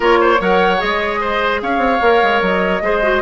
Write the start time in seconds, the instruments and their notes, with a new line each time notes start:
0.00 bassoon A#3, clarinet F4, oboe A#4, flute C#5
0.21 oboe C5
0.40 bassoon F#3, clarinet A#4, oboe C#5, flute F#5
0.77 bassoon G#3, clarinet G#4, flute D#5
1.20 oboe C5
1.62 bassoon C#4, oboe C#5, flute F5
1.78 bassoon C4
2.01 bassoon A#3, clarinet A#4
2.22 bassoon G#3
2.41 bassoon F#3, flute D#5
2.81 bassoon G#3, clarinet G#4, oboe C5
3.02 clarinet F#4